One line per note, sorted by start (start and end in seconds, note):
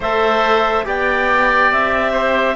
0.00 0.85 A3
0.00 0.84 A4
0.00 0.85 C5
0.00 0.87 E5
0.84 1.71 B3
0.84 2.55 G4
0.84 2.12 D5
0.84 1.72 G5
1.72 2.55 C4
1.72 2.55 E5
2.12 2.55 C5